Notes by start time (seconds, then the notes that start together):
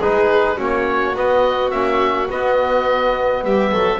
0.00 G#3 D#4 G#4 B4
0.57 A#3 C#4 F#4
0.63 C#5
1.16 B3 D#5
1.70 A#3 C#4 E5
2.29 B3 D#5
3.43 G3 G4 E5
3.72 F#3 A4